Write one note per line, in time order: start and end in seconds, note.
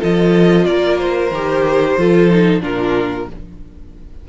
0.00 0.68 F3
0.00 1.30 F4
0.00 0.65 A4
0.00 0.66 D#5
0.66 1.31 A#3
0.66 1.99 A#4
0.66 0.99 D5
0.99 2.62 C5
1.31 1.96 D#3
1.31 1.99 G4
1.98 2.61 F3
1.98 2.31 F4
1.98 2.63 A4
2.31 2.61 D#4
2.61 3.26 A#2
2.61 3.26 D4
2.61 3.28 F4
2.61 3.29 A#4